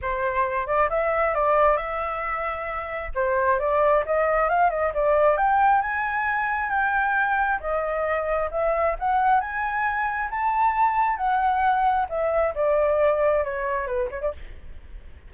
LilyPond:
\new Staff \with { instrumentName = "flute" } { \time 4/4 \tempo 4 = 134 c''4. d''8 e''4 d''4 | e''2. c''4 | d''4 dis''4 f''8 dis''8 d''4 | g''4 gis''2 g''4~ |
g''4 dis''2 e''4 | fis''4 gis''2 a''4~ | a''4 fis''2 e''4 | d''2 cis''4 b'8 cis''16 d''16 | }